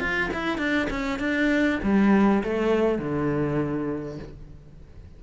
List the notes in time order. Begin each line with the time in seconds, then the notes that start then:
0.00 F4
0.34 E4
0.58 D4
0.91 C#4
1.20 D4
1.83 G3
2.44 A3
2.99 D3